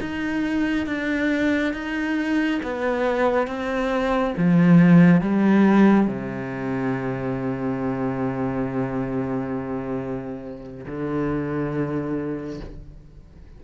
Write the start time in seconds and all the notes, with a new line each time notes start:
0.00 D#4
0.87 D4
1.74 D#4
2.62 B3
3.47 C4
4.37 F3
5.21 G3
6.07 C3
10.86 D3